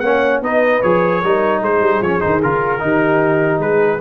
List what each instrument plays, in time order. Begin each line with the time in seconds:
0.00 tuba A#3, trombone C#4, horn C#5, trumpet F#5
0.42 tuba B3, trombone D#4, horn B4, trumpet D#5
0.82 tuba F3, trombone G#4, trumpet C#5
1.22 tuba G3, trombone D#4, horn A#4
1.62 tuba G#3, horn G#4, trumpet C5
1.81 tuba G3
2.01 tuba F3, trombone C#4, trumpet C#5
2.20 tuba D#3, trombone D#4, trumpet C5
2.43 tuba C#3, trombone F4, trumpet A#4
2.80 tuba D#3, trombone D#4, horn G4
3.59 tuba G#3, horn G#4, trumpet B4